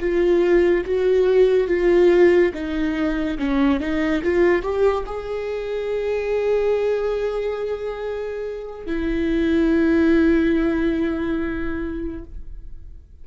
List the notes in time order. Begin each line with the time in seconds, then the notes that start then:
0.00 F4
0.85 F#4
1.68 F4
2.54 D#4
3.39 C#4
3.80 D#4
4.24 F4
4.62 G4
5.07 G#4
8.87 E4